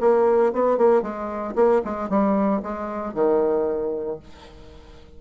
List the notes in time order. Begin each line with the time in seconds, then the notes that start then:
0.00 A#3
0.53 B3
0.78 A#3
1.02 G#3
1.55 A#3
1.84 G#3
2.09 G3
2.62 G#3
3.14 D#3